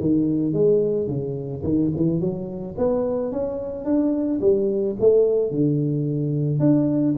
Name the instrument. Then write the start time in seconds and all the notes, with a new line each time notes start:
tuba
0.00 D#3
0.53 G#3
1.07 C#3
1.63 D#3
1.96 E3
2.20 F#3
2.78 B3
3.32 C#4
3.85 D4
4.41 G3
5.00 A3
5.51 D3
6.60 D4